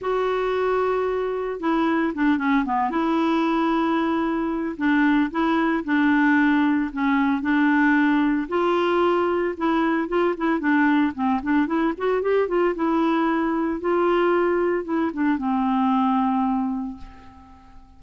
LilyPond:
\new Staff \with { instrumentName = "clarinet" } { \time 4/4 \tempo 4 = 113 fis'2. e'4 | d'8 cis'8 b8 e'2~ e'8~ | e'4 d'4 e'4 d'4~ | d'4 cis'4 d'2 |
f'2 e'4 f'8 e'8 | d'4 c'8 d'8 e'8 fis'8 g'8 f'8 | e'2 f'2 | e'8 d'8 c'2. | }